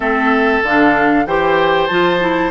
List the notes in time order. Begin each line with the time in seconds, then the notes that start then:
0.00 A3 C4 A4 E5
0.63 D3 D4 F5
1.26 E3 G4 C5 G5
1.86 F3 F4 A5
2.19 E4